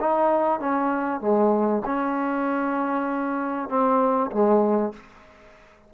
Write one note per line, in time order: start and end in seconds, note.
0.00 0.60 D#4
0.60 1.21 C#4
1.21 1.82 G#3
1.85 3.69 C#4
3.69 4.31 C4
4.31 4.93 G#3